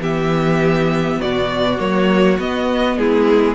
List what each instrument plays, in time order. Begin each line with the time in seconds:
0.00 cello E3, viola B3, violin G4 E5
1.19 cello B2, violin F#4 D5
1.79 cello F#3, viola A#3, violin C#5
2.39 cello B3, viola B3, violin D#5
2.97 cello G#3, violin E4 G#4